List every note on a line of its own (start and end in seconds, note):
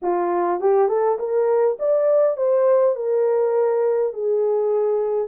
0.02 0.60 F4
0.60 0.88 G4
0.88 1.18 A4
1.18 1.77 A#4
1.79 2.37 D5
2.37 2.95 C5
2.95 4.13 A#4
4.13 5.27 G#4